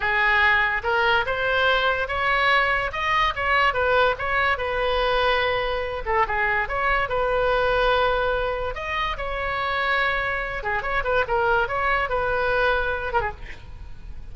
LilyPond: \new Staff \with { instrumentName = "oboe" } { \time 4/4 \tempo 4 = 144 gis'2 ais'4 c''4~ | c''4 cis''2 dis''4 | cis''4 b'4 cis''4 b'4~ | b'2~ b'8 a'8 gis'4 |
cis''4 b'2.~ | b'4 dis''4 cis''2~ | cis''4. gis'8 cis''8 b'8 ais'4 | cis''4 b'2~ b'8 ais'16 gis'16 | }